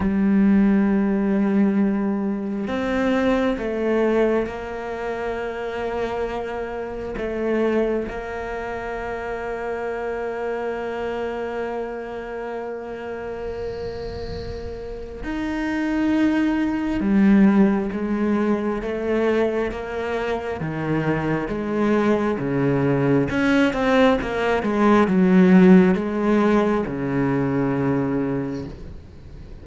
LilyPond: \new Staff \with { instrumentName = "cello" } { \time 4/4 \tempo 4 = 67 g2. c'4 | a4 ais2. | a4 ais2.~ | ais1~ |
ais4 dis'2 g4 | gis4 a4 ais4 dis4 | gis4 cis4 cis'8 c'8 ais8 gis8 | fis4 gis4 cis2 | }